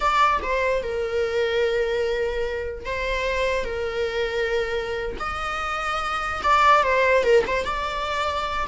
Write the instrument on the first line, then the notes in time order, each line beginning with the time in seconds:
viola
0.00 D5
0.42 C5
0.83 A#4
2.85 C5
3.64 A#4
5.19 D#5
6.43 D5
6.83 C5
7.23 A#4
7.46 C5
7.64 D5